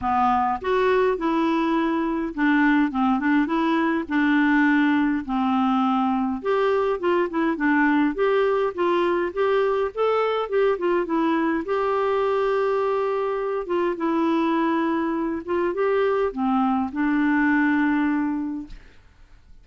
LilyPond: \new Staff \with { instrumentName = "clarinet" } { \time 4/4 \tempo 4 = 103 b4 fis'4 e'2 | d'4 c'8 d'8 e'4 d'4~ | d'4 c'2 g'4 | f'8 e'8 d'4 g'4 f'4 |
g'4 a'4 g'8 f'8 e'4 | g'2.~ g'8 f'8 | e'2~ e'8 f'8 g'4 | c'4 d'2. | }